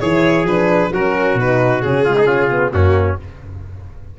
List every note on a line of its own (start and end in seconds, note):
0.00 0.44 E3
0.00 0.47 E4
0.00 0.92 G#4
0.00 0.45 C#5
0.44 0.89 F3
0.44 0.93 D4
0.44 0.93 B4
0.92 1.34 F#3
0.92 1.39 C#4
0.92 2.04 F#4
0.92 1.39 A#4
1.34 1.80 B2
1.34 1.82 D#4
1.34 1.81 B4
1.81 2.73 C#3
1.81 2.05 C#4
1.81 2.72 G#4
2.04 2.25 G#3
2.04 2.16 F4
2.17 2.26 D#4
2.25 2.48 C#4
2.25 2.72 F4
2.50 2.72 B3
2.72 3.19 F#2
2.72 3.17 A#3
2.72 3.19 C#4
2.72 3.17 F#4